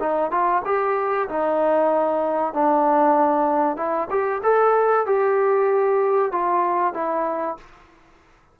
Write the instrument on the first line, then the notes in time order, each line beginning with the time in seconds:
trombone
0.00 D#4
0.31 F4
0.65 G4
1.29 D#4
2.54 D4
3.77 E4
4.11 G4
4.44 A4
5.06 G4
6.32 F4
6.94 E4